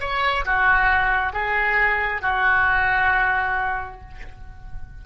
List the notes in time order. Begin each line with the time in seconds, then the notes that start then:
0.00 C#5
0.45 F#4
1.33 G#4
2.21 F#4